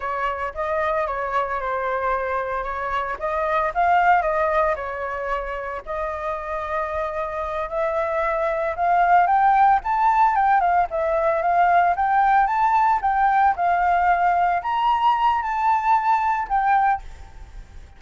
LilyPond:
\new Staff \with { instrumentName = "flute" } { \time 4/4 \tempo 4 = 113 cis''4 dis''4 cis''4 c''4~ | c''4 cis''4 dis''4 f''4 | dis''4 cis''2 dis''4~ | dis''2~ dis''8 e''4.~ |
e''8 f''4 g''4 a''4 g''8 | f''8 e''4 f''4 g''4 a''8~ | a''8 g''4 f''2 ais''8~ | ais''4 a''2 g''4 | }